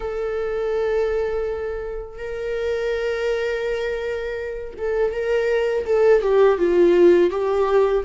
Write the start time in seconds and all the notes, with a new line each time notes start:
0.00 A4
2.18 A#4
4.78 A4
5.12 A#4
5.86 A4
6.22 G4
6.58 F4
7.30 G4